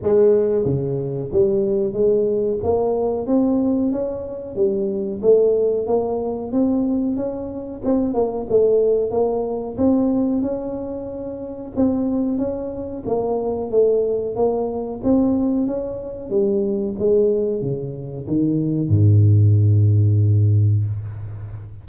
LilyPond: \new Staff \with { instrumentName = "tuba" } { \time 4/4 \tempo 4 = 92 gis4 cis4 g4 gis4 | ais4 c'4 cis'4 g4 | a4 ais4 c'4 cis'4 | c'8 ais8 a4 ais4 c'4 |
cis'2 c'4 cis'4 | ais4 a4 ais4 c'4 | cis'4 g4 gis4 cis4 | dis4 gis,2. | }